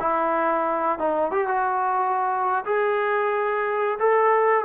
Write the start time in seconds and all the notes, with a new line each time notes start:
0.00 E4
0.99 D#4
1.31 G4
1.48 F#4
2.65 G#4
3.99 A4